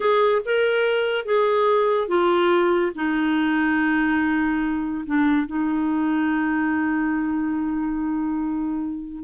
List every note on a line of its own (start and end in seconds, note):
0.00 0.42 G#4
0.45 1.25 A#4
1.25 2.08 G#4
2.08 2.92 F4
2.95 5.04 D#4
5.06 5.46 D4
5.46 9.24 D#4